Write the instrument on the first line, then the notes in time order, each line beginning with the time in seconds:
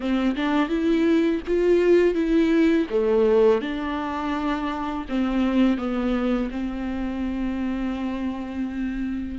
viola
0.00 C4
0.35 D4
0.69 E4
1.47 F4
2.14 E4
2.89 A3
3.61 D4
5.08 C4
5.77 B3
6.50 C4